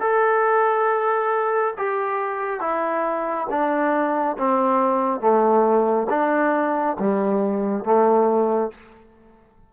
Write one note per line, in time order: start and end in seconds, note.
0.00 1.74 A4
1.78 2.60 G4
2.60 3.47 E4
3.50 4.37 D4
4.38 5.21 C4
5.21 6.08 A3
6.10 6.97 D4
7.00 7.84 G3
7.84 8.71 A3